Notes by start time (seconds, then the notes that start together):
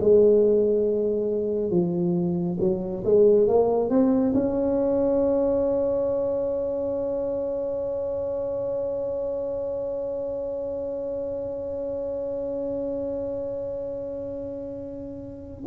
0.00 G#3
1.70 F3
2.59 F#3
3.04 G#3
3.47 A#3
3.89 C4
4.34 C#4